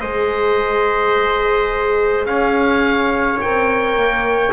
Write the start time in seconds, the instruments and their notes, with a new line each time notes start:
0.00 double bass G#3, horn G#4, trumpet C5, oboe D#5
2.25 double bass C#4, trumpet C#5, oboe F5
3.41 double bass C4, horn A#4, oboe G5
3.96 double bass A#3